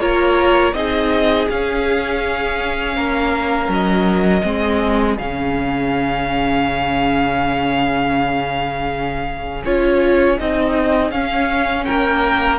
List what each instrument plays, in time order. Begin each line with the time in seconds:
0.00 cello A#3, viola F4, violin A#4 C#5
0.74 cello C4, viola D#4, violin G#4 D#5
1.50 cello C#4, viola C#4, violin F5
2.97 cello A#3, violin A#4
3.69 cello F#3, violin D#5
4.43 cello G#3, viola C4, violin G#4
5.18 cello C#3, viola C#4, violin F5
9.65 cello C#4, viola F4, violin C#5
10.38 cello C4, viola D#4, violin D#5
11.12 cello C#4, viola C#4, violin F5
11.85 cello A#3, violin A#4 G5